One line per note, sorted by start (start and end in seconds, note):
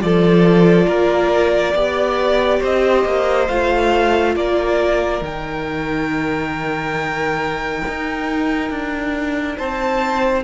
0.00 0.87 F3
0.00 1.74 F4
0.00 0.87 A4
0.00 2.63 D5
0.87 1.74 A#3
0.87 1.74 A#4
1.74 2.61 B3
1.74 3.49 G4
1.74 2.60 D5
2.60 3.05 C4
2.60 4.34 C5
2.60 3.48 D#5
3.05 3.49 A#3
3.48 4.36 A3
3.48 5.23 F4
3.48 4.35 F5
4.36 5.22 A#3
4.36 9.57 A#4
4.36 5.24 D5
5.22 7.83 D#3
5.22 10.45 D#4
5.22 9.58 G5
7.88 8.71 D#4
8.71 9.58 D4
9.57 10.45 C4
9.57 10.44 C5
9.57 10.45 A5